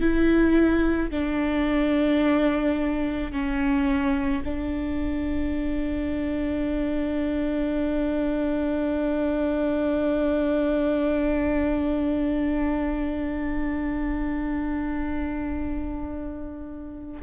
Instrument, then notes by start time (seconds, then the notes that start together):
viola
0.00 E4
1.11 D4
3.31 C#4
4.44 D4